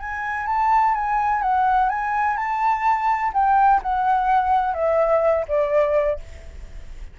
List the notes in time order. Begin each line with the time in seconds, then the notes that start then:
0.00 G#5
0.47 A5
0.95 G#5
1.42 F#5
1.89 G#5
2.37 A5
3.33 G5
3.82 F#5
4.74 E5
5.48 D5